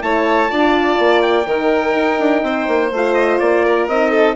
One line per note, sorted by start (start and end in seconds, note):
0.00 0.50 A3
0.00 0.48 E4
0.00 0.51 C#5
0.00 1.22 A5
0.49 0.99 D4
0.49 1.45 F4
0.49 1.46 D5
0.99 1.46 A#3
1.22 2.91 G5
1.46 1.94 D#3
1.46 2.91 D#4
1.46 2.43 A#4
1.95 2.19 D#4
2.19 2.43 D4
2.43 2.67 C4
2.43 3.65 C5
2.67 2.92 A#3
2.92 3.40 A3
2.92 3.91 F4
2.92 3.14 F5
3.14 3.38 D#5
3.39 3.88 A#3
3.39 3.87 D5
3.65 4.11 A#4
3.88 4.36 C4
3.88 4.36 D#4
3.88 4.36 D#5
4.11 4.35 A4